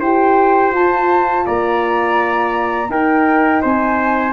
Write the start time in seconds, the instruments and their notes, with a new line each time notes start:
0.00 tuba E4, horn G4, trumpet C5, flute G5
0.72 tuba F4, horn F4, flute A5
1.45 tuba A#3, trumpet D5, flute A#5
2.88 horn D#4, tuba D#4, trumpet A#4, flute G5
3.62 tuba C4, trumpet C5, flute G#5